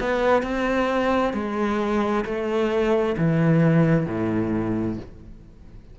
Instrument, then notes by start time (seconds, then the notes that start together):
cello
0.00 B3
0.43 C4
1.33 G#3
2.25 A3
3.17 E3
4.06 A2